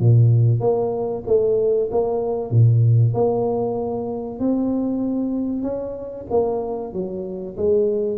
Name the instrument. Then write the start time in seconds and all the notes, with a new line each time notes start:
tuba
0.00 A#2
0.60 A#3
1.27 A3
1.91 A#3
2.51 A#2
3.14 A#3
4.40 C4
5.63 C#4
6.30 A#3
6.93 F#3
7.57 G#3